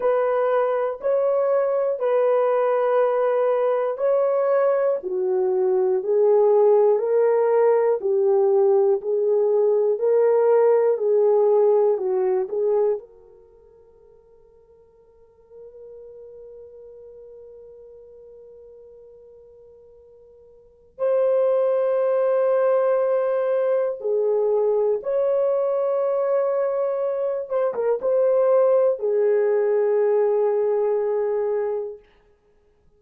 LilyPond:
\new Staff \with { instrumentName = "horn" } { \time 4/4 \tempo 4 = 60 b'4 cis''4 b'2 | cis''4 fis'4 gis'4 ais'4 | g'4 gis'4 ais'4 gis'4 | fis'8 gis'8 ais'2.~ |
ais'1~ | ais'4 c''2. | gis'4 cis''2~ cis''8 c''16 ais'16 | c''4 gis'2. | }